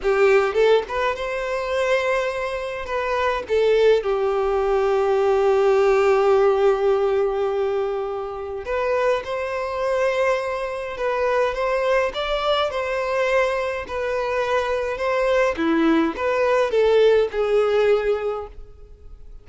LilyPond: \new Staff \with { instrumentName = "violin" } { \time 4/4 \tempo 4 = 104 g'4 a'8 b'8 c''2~ | c''4 b'4 a'4 g'4~ | g'1~ | g'2. b'4 |
c''2. b'4 | c''4 d''4 c''2 | b'2 c''4 e'4 | b'4 a'4 gis'2 | }